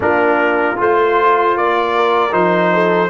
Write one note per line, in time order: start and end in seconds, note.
0.00 0.77 A#3
0.00 0.76 D4
0.00 1.95 F4
0.00 0.79 A#4
0.76 1.56 A3
0.76 2.31 F4
0.76 1.57 C5
1.56 2.32 A#3
1.56 2.33 D5
1.95 2.73 A#4
2.31 3.09 F3
2.31 3.08 D#4
2.31 3.09 C5
2.73 3.09 A4